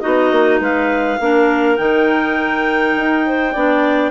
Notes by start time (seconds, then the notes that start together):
0.00 B3 D#4 F#4 D#5
0.31 A#3
0.60 G#3 B4 F5
1.20 A#3 D4 A#4
1.77 D#3 D#4 G5
2.96 D#4
3.27 C5
3.53 B3 D4 D5